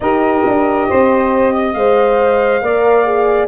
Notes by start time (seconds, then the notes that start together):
0.00 D#4 G4 A#4 D#5
0.46 D4
0.88 C4 C5
1.53 D#5
1.73 G#3 C5 F5
2.61 A#3 A#4 D5
3.05 G#4